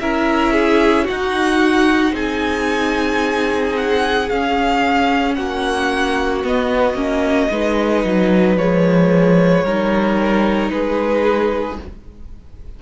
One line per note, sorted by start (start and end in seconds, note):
0.00 1.08 C#4
0.00 1.09 E4
0.00 0.53 A#4
0.00 1.07 E5
0.53 1.05 G#4
1.05 4.30 D#4
1.05 2.12 F#4
1.05 2.15 F#5
1.11 2.13 D#4
2.13 4.27 C4
2.13 5.36 G#4
2.13 3.77 G#5
3.77 4.30 F#5
4.30 6.45 C#4
4.30 5.38 C#4
4.30 5.35 F5
5.35 6.45 A#3
5.35 7.52 F#4
5.35 6.42 F#5
6.45 6.94 B3
6.45 6.96 B3
6.45 8.58 D#5
6.94 7.48 A#3
6.94 7.50 C#4
7.51 8.05 G#3
7.51 8.58 D#4
7.51 9.65 B4
8.05 8.57 F#3
8.57 9.64 F3
8.57 9.66 G#3
8.57 10.71 C#5
9.64 10.71 G3
9.64 11.82 D#4
9.64 10.72 A#4
10.71 11.79 G#3
10.71 11.80 G#4
10.71 11.78 B4